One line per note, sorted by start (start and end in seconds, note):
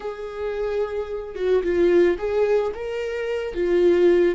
0.00 1.35 G#4
1.35 1.62 F#4
1.63 2.17 F4
2.18 2.72 G#4
2.74 3.54 A#4
3.54 4.35 F4